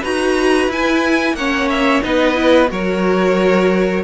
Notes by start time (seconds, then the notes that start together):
0.00 D#4 F#4 B4 A#5
0.68 E4 G#5
1.33 A#3 C#4 C#5 F#5
1.69 E5
2.02 B3 D#4 B4 D#5
2.34 E4
2.68 F#3 F#4 A#4 C#5